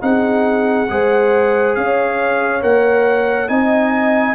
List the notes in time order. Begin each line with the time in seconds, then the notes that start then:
0.00 C4 D#4 G#4 F#5
0.89 G#3 G#4 C5
1.75 C#4 C#5 F5
2.61 A#3 A#4 F#5
3.48 C4 D#4 D#5 G#5